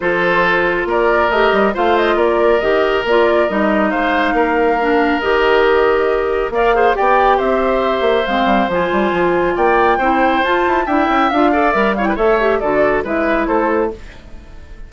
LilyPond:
<<
  \new Staff \with { instrumentName = "flute" } { \time 4/4 \tempo 4 = 138 c''2 d''4 dis''4 | f''8 dis''8 d''4 dis''4 d''4 | dis''4 f''2. | dis''2. f''4 |
g''4 e''2 f''4 | gis''2 g''2 | a''4 g''4 f''4 e''8 f''16 g''16 | e''4 d''4 e''4 c''4 | }
  \new Staff \with { instrumentName = "oboe" } { \time 4/4 a'2 ais'2 | c''4 ais'2.~ | ais'4 c''4 ais'2~ | ais'2. d''8 c''8 |
d''4 c''2.~ | c''2 d''4 c''4~ | c''4 e''4. d''4 cis''16 b'16 | cis''4 a'4 b'4 a'4 | }
  \new Staff \with { instrumentName = "clarinet" } { \time 4/4 f'2. g'4 | f'2 g'4 f'4 | dis'2. d'4 | g'2. ais'8 gis'8 |
g'2. c'4 | f'2. e'4 | f'4 e'4 f'8 a'8 ais'8 e'8 | a'8 g'8 fis'4 e'2 | }
  \new Staff \with { instrumentName = "bassoon" } { \time 4/4 f2 ais4 a8 g8 | a4 ais4 dis4 ais4 | g4 gis4 ais2 | dis2. ais4 |
b4 c'4. ais8 gis8 g8 | f8 g8 f4 ais4 c'4 | f'8 e'8 d'8 cis'8 d'4 g4 | a4 d4 gis4 a4 | }
>>